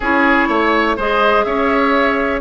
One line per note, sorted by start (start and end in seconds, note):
0.00 0.48 C#4
0.00 0.99 E4
0.00 0.48 G#4
0.00 0.97 C#5
0.48 0.96 A3
0.48 0.96 C#5
0.96 1.45 G#3
0.96 2.41 G#4
0.96 1.44 C5
0.96 1.43 D#5
1.43 2.41 C#4
1.43 2.41 C#5
1.43 2.40 E5